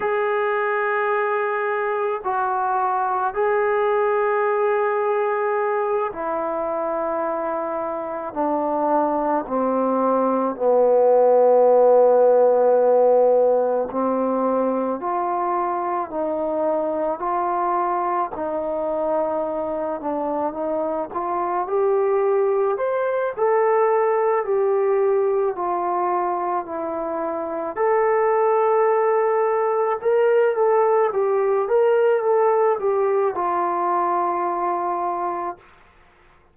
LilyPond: \new Staff \with { instrumentName = "trombone" } { \time 4/4 \tempo 4 = 54 gis'2 fis'4 gis'4~ | gis'4. e'2 d'8~ | d'8 c'4 b2~ b8~ | b8 c'4 f'4 dis'4 f'8~ |
f'8 dis'4. d'8 dis'8 f'8 g'8~ | g'8 c''8 a'4 g'4 f'4 | e'4 a'2 ais'8 a'8 | g'8 ais'8 a'8 g'8 f'2 | }